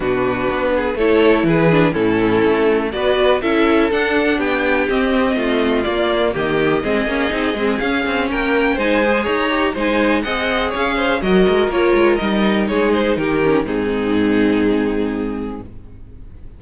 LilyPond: <<
  \new Staff \with { instrumentName = "violin" } { \time 4/4 \tempo 4 = 123 b'2 cis''4 b'4 | a'2 d''4 e''4 | fis''4 g''4 dis''2 | d''4 dis''2. |
f''4 g''4 gis''4 ais''4 | gis''4 fis''4 f''4 dis''4 | cis''4 dis''4 cis''8 c''8 ais'4 | gis'1 | }
  \new Staff \with { instrumentName = "violin" } { \time 4/4 fis'4. gis'8 a'4 gis'4 | e'2 b'4 a'4~ | a'4 g'2 f'4~ | f'4 g'4 gis'2~ |
gis'4 ais'4 c''4 cis''4 | c''4 dis''4 cis''8 c''8 ais'4~ | ais'2 gis'4 g'4 | dis'1 | }
  \new Staff \with { instrumentName = "viola" } { \time 4/4 d'2 e'4. d'8 | cis'2 fis'4 e'4 | d'2 c'2 | ais2 c'8 cis'8 dis'8 c'8 |
cis'2 dis'8 gis'4 g'8 | dis'4 gis'2 fis'4 | f'4 dis'2~ dis'8 cis'8 | c'1 | }
  \new Staff \with { instrumentName = "cello" } { \time 4/4 b,4 b4 a4 e4 | a,4 a4 b4 cis'4 | d'4 b4 c'4 a4 | ais4 dis4 gis8 ais8 c'8 gis8 |
cis'8 c'8 ais4 gis4 dis'4 | gis4 c'4 cis'4 fis8 gis8 | ais8 gis8 g4 gis4 dis4 | gis,1 | }
>>